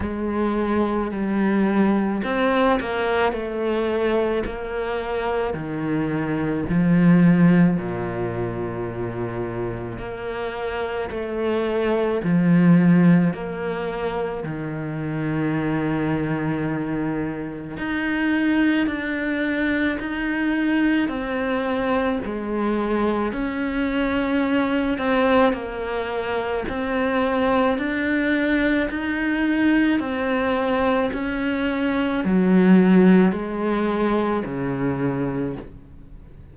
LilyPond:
\new Staff \with { instrumentName = "cello" } { \time 4/4 \tempo 4 = 54 gis4 g4 c'8 ais8 a4 | ais4 dis4 f4 ais,4~ | ais,4 ais4 a4 f4 | ais4 dis2. |
dis'4 d'4 dis'4 c'4 | gis4 cis'4. c'8 ais4 | c'4 d'4 dis'4 c'4 | cis'4 fis4 gis4 cis4 | }